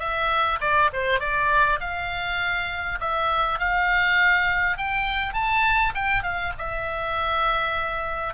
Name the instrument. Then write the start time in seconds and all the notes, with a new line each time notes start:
oboe
0.00 E5
0.61 D5
0.93 C5
1.20 D5
1.81 F5
3.01 E5
3.60 F5
4.78 G5
5.34 A5
5.95 G5
6.23 F5
6.59 E5